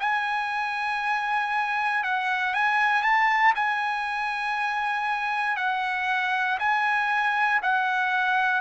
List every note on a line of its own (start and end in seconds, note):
0.00 2.03 G#5
2.04 2.54 F#5
2.54 3.02 G#5
3.02 3.53 A5
3.55 5.57 G#5
5.57 6.58 F#5
6.59 7.61 G#5
7.62 8.61 F#5